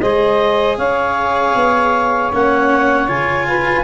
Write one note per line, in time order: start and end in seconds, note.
0.00 0.78 G#3
0.00 2.33 G#4
0.00 0.78 C5
0.00 0.77 D#5
0.78 1.54 C#4
0.78 3.47 C#5
0.78 2.32 F5
1.55 2.32 B3
2.33 3.09 A#3
2.33 3.08 C#4
2.33 3.08 F#5
3.08 3.84 C#3
3.08 3.84 F4
3.08 3.84 G#5
3.47 3.84 B4